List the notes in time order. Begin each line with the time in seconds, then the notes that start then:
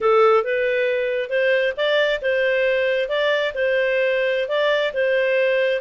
0.00 A4
0.44 B4
1.29 C5
1.76 D5
2.21 C5
3.09 D5
3.54 C5
4.48 D5
4.93 C5